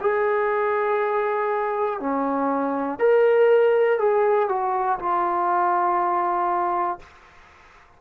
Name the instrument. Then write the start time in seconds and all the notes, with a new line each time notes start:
trombone
0.00 G#4
1.99 C#4
2.99 A#4
3.98 G#4
4.48 F#4
4.99 F4